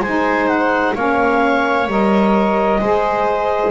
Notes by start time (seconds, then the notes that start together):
0.00 G#3 D#4 C5 G#5
0.47 F#5
0.94 A#3 C#4 C#5 F5
1.87 G3 A#4 D#5
2.80 G#3 G#4 C5